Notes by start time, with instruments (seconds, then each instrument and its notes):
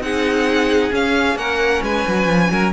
0.00 cello C4, viola D#4, violin G#4 F#5
0.91 viola C#4, cello C#4, violin F5
1.35 cello A#3, violin A#4 F#5
1.82 cello G#3, violin B4 G#5
2.08 cello F#3
2.26 cello F3
2.51 cello F#3, violin A#4